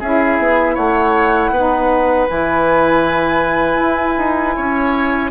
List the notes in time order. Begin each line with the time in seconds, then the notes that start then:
0.00 C#4 E4 G#4 E5
0.39 B3
0.75 A3 C#5 F#5
1.51 B3 D#4 B4
2.28 E3 E4 G#5
3.76 E4
4.18 D#4
4.56 C#4 C#5